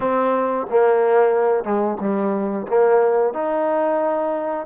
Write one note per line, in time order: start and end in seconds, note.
0.00 0.67 C4
0.69 1.64 A#3
1.64 1.97 G#3
2.00 2.67 G3
2.68 3.33 A#3
3.33 4.66 D#4